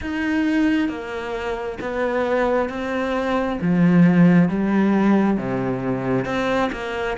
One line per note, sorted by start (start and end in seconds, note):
0.01 0.88 D#4
0.88 1.78 A#3
1.80 2.69 B3
2.69 3.58 C4
3.61 4.48 F3
4.48 5.37 G3
5.37 6.24 C3
6.24 6.69 C4
6.72 7.16 A#3